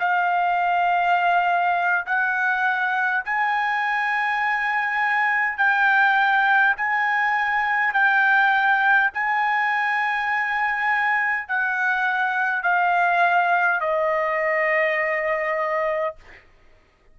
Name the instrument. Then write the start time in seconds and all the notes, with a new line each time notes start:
trumpet
0.00 F5
2.06 F#5
3.25 G#5
5.58 G5
6.78 G#5
7.94 G5
9.14 G#5
11.49 F#5
12.63 F5
13.81 D#5